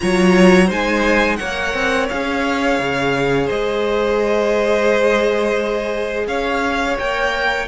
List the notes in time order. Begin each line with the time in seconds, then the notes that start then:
0.00 F#3 F4 C#5 A#5
0.66 G#3 D#4 C5 G#5
1.36 A#3 C#5 F#5
1.43 A#4
1.74 C4
2.09 C#4 G#4 F5
2.79 C#3
3.46 G#3 C5 D#5
6.27 C#4 C#5 F5
6.98 A#3 A#4 G5